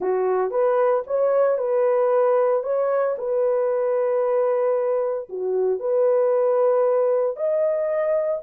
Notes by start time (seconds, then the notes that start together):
0.00 F#4
0.50 B4
1.06 C#5
1.57 B4
2.63 C#5
3.18 B4
5.29 F#4
5.79 B4
7.36 D#5